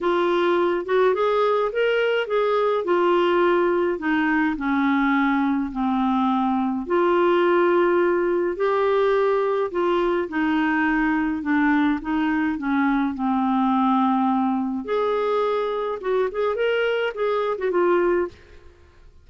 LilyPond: \new Staff \with { instrumentName = "clarinet" } { \time 4/4 \tempo 4 = 105 f'4. fis'8 gis'4 ais'4 | gis'4 f'2 dis'4 | cis'2 c'2 | f'2. g'4~ |
g'4 f'4 dis'2 | d'4 dis'4 cis'4 c'4~ | c'2 gis'2 | fis'8 gis'8 ais'4 gis'8. fis'16 f'4 | }